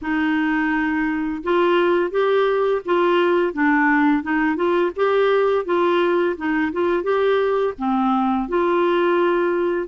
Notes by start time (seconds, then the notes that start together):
0.01 D#4
1.43 F4
2.10 G4
2.85 F4
3.53 D4
4.22 D#4
4.55 F4
4.96 G4
5.65 F4
6.36 D#4
6.72 F4
7.03 G4
7.78 C4
8.48 F4